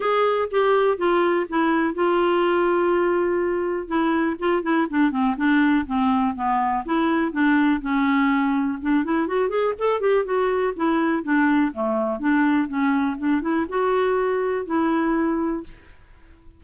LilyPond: \new Staff \with { instrumentName = "clarinet" } { \time 4/4 \tempo 4 = 123 gis'4 g'4 f'4 e'4 | f'1 | e'4 f'8 e'8 d'8 c'8 d'4 | c'4 b4 e'4 d'4 |
cis'2 d'8 e'8 fis'8 gis'8 | a'8 g'8 fis'4 e'4 d'4 | a4 d'4 cis'4 d'8 e'8 | fis'2 e'2 | }